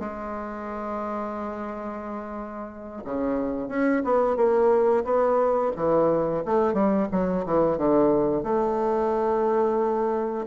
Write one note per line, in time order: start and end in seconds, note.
0.00 3.03 G#3
3.05 3.69 C#3
3.69 4.03 C#4
4.05 4.37 B3
4.37 5.04 A#3
5.05 5.72 B3
5.76 6.44 E3
6.45 6.74 A3
6.74 7.08 G3
7.12 7.46 F#3
7.46 7.78 E3
7.78 8.44 D3
8.44 10.46 A3